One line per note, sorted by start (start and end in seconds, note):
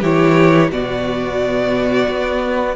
0.00 0.71 E3
0.00 0.72 E4
0.00 0.68 G4
0.00 0.72 C#5
0.72 2.08 B2
0.72 2.77 B3
0.72 2.76 F#4
0.72 2.77 D5
2.09 2.77 B3